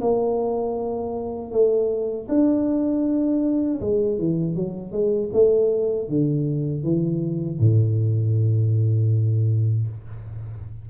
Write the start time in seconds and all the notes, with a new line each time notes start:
0.00 A#3
1.51 A3
2.28 D4
3.80 G#3
4.18 E3
4.55 F#3
4.92 G#3
5.32 A3
6.08 D3
6.83 E3
7.59 A2